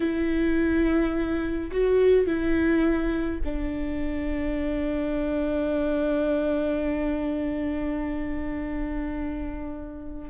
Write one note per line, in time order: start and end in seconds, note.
0.00 1.70 E4
1.71 2.26 F#4
2.26 3.41 E4
3.44 10.30 D4